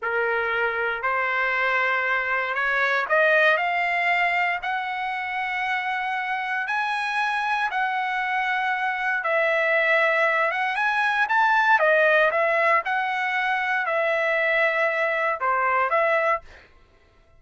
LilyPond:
\new Staff \with { instrumentName = "trumpet" } { \time 4/4 \tempo 4 = 117 ais'2 c''2~ | c''4 cis''4 dis''4 f''4~ | f''4 fis''2.~ | fis''4 gis''2 fis''4~ |
fis''2 e''2~ | e''8 fis''8 gis''4 a''4 dis''4 | e''4 fis''2 e''4~ | e''2 c''4 e''4 | }